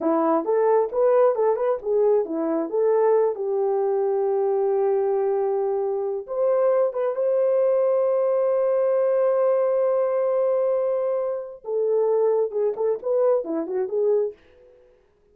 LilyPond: \new Staff \with { instrumentName = "horn" } { \time 4/4 \tempo 4 = 134 e'4 a'4 b'4 a'8 b'8 | gis'4 e'4 a'4. g'8~ | g'1~ | g'2 c''4. b'8 |
c''1~ | c''1~ | c''2 a'2 | gis'8 a'8 b'4 e'8 fis'8 gis'4 | }